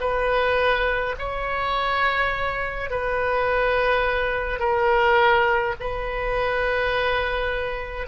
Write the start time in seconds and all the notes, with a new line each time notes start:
0.00 B4
1.18 C#5
2.90 B4
4.59 A#4
5.80 B4